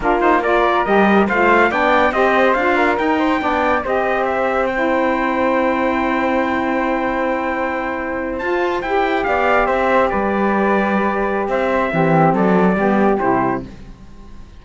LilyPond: <<
  \new Staff \with { instrumentName = "trumpet" } { \time 4/4 \tempo 4 = 141 ais'8 c''8 d''4 dis''4 f''4 | g''4 dis''4 f''4 g''4~ | g''4 dis''4 e''4 g''4~ | g''1~ |
g''2.~ g''8. a''16~ | a''8. g''4 f''4 e''4 d''16~ | d''2. e''4~ | e''4 d''2 c''4 | }
  \new Staff \with { instrumentName = "flute" } { \time 4/4 f'4 ais'2 c''4 | d''4 c''4. ais'4 c''8 | d''4 c''2.~ | c''1~ |
c''1~ | c''4.~ c''16 d''4 c''4 b'16~ | b'2. c''4 | g'4 a'4 g'2 | }
  \new Staff \with { instrumentName = "saxophone" } { \time 4/4 d'8 dis'8 f'4 g'4 f'4 | d'4 g'4 f'4 dis'4 | d'4 g'2 e'4~ | e'1~ |
e'2.~ e'8. f'16~ | f'8. g'2.~ g'16~ | g'1 | c'2 b4 e'4 | }
  \new Staff \with { instrumentName = "cello" } { \time 4/4 ais2 g4 a4 | b4 c'4 d'4 dis'4 | b4 c'2.~ | c'1~ |
c'2.~ c'8. f'16~ | f'8. e'4 b4 c'4 g16~ | g2. c'4 | e4 fis4 g4 c4 | }
>>